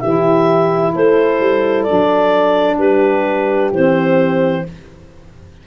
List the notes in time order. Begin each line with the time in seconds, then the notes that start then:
0.00 E3 E4 G4 E5
0.93 A3 A4 C5
1.40 G3
1.83 D4 D5
1.90 F#3
2.77 G3 G4 B4
3.72 E3 C4 C5